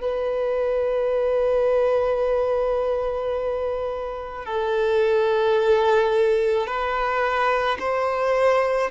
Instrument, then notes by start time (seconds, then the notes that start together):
violin
0.00 B4
4.44 A4
6.66 B4
7.79 C5